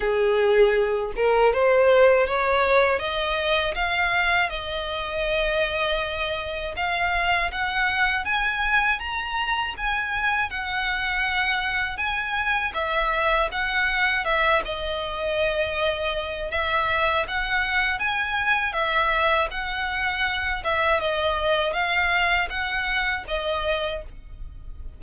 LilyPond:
\new Staff \with { instrumentName = "violin" } { \time 4/4 \tempo 4 = 80 gis'4. ais'8 c''4 cis''4 | dis''4 f''4 dis''2~ | dis''4 f''4 fis''4 gis''4 | ais''4 gis''4 fis''2 |
gis''4 e''4 fis''4 e''8 dis''8~ | dis''2 e''4 fis''4 | gis''4 e''4 fis''4. e''8 | dis''4 f''4 fis''4 dis''4 | }